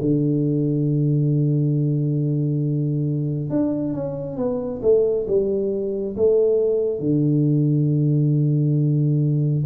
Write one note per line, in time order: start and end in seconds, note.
0.00 3.49 D3
3.49 3.93 D4
3.94 4.37 C#4
4.37 4.81 B3
4.82 5.26 A3
5.27 6.16 G3
6.16 6.99 A3
6.99 9.64 D3